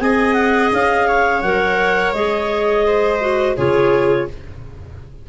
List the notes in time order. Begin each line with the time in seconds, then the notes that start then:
0.00 C4 G#4 D#5 G#5
0.33 F#5
0.73 C#4 F5
1.07 C#5
1.41 F#3 A#4 F#5
2.13 G#3 G#4 D#5
2.86 C5
3.20 F#4
3.56 C#3 F4 G#4 C#5